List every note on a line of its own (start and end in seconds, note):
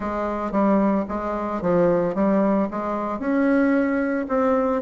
0.00 0.51 G#3
0.51 1.05 G3
1.08 1.61 G#3
1.61 2.14 F3
2.14 2.68 G3
2.71 3.19 G#3
3.19 4.26 C#4
4.28 4.82 C4